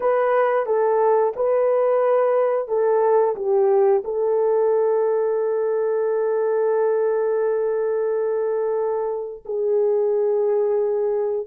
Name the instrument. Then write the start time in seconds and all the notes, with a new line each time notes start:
horn
0.00 B4
0.66 A4
1.35 B4
2.68 A4
3.35 G4
4.04 A4
9.45 G#4